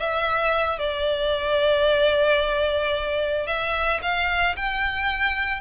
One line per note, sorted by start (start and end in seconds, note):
0.00 0.79 E5
0.79 3.47 D5
3.47 4.01 E5
4.02 4.56 F5
4.57 5.62 G5